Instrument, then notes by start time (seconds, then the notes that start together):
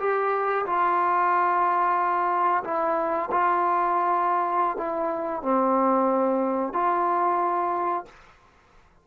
trombone
0.00 G4
0.66 F4
2.64 E4
3.31 F4
4.77 E4
5.42 C4
6.73 F4